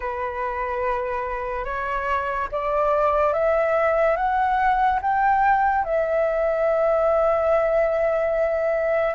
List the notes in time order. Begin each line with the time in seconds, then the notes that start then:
0.00 B4
1.64 C#5
2.52 D5
3.33 E5
4.16 F#5
5.01 G5
5.84 E5